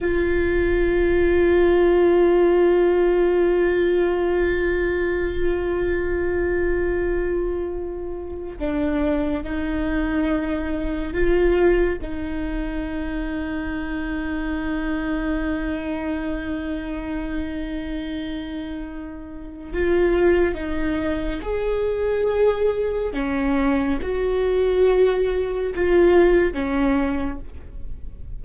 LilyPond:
\new Staff \with { instrumentName = "viola" } { \time 4/4 \tempo 4 = 70 f'1~ | f'1~ | f'2 d'4 dis'4~ | dis'4 f'4 dis'2~ |
dis'1~ | dis'2. f'4 | dis'4 gis'2 cis'4 | fis'2 f'4 cis'4 | }